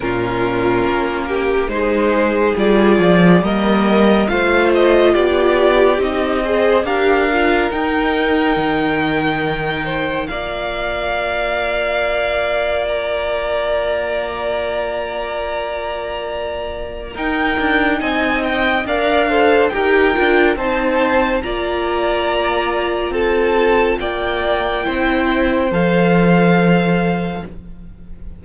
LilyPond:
<<
  \new Staff \with { instrumentName = "violin" } { \time 4/4 \tempo 4 = 70 ais'2 c''4 d''4 | dis''4 f''8 dis''8 d''4 dis''4 | f''4 g''2. | f''2. ais''4~ |
ais''1 | g''4 gis''8 g''8 f''4 g''4 | a''4 ais''2 a''4 | g''2 f''2 | }
  \new Staff \with { instrumentName = "violin" } { \time 4/4 f'4. g'8 gis'2 | ais'4 c''4 g'4. c''8 | ais'2.~ ais'8 c''8 | d''1~ |
d''1 | ais'4 dis''4 d''8 c''8 ais'4 | c''4 d''2 a'4 | d''4 c''2. | }
  \new Staff \with { instrumentName = "viola" } { \time 4/4 cis'2 dis'4 f'4 | ais4 f'2 dis'8 gis'8 | g'8 f'8 dis'2. | f'1~ |
f'1 | dis'2 ais'8 a'8 g'8 f'8 | dis'4 f'2.~ | f'4 e'4 a'2 | }
  \new Staff \with { instrumentName = "cello" } { \time 4/4 ais,4 ais4 gis4 g8 f8 | g4 a4 b4 c'4 | d'4 dis'4 dis2 | ais1~ |
ais1 | dis'8 d'8 c'4 d'4 dis'8 d'8 | c'4 ais2 c'4 | ais4 c'4 f2 | }
>>